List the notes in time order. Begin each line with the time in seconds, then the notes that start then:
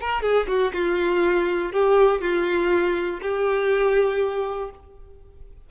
0.00 A#4
0.22 G#4
0.47 F#4
0.73 F4
1.72 G4
2.21 F4
3.21 G4